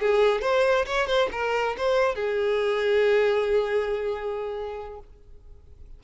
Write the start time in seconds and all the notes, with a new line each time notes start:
0.00 G#4
0.41 C5
0.86 C#5
1.07 C5
1.32 A#4
1.77 C5
2.15 G#4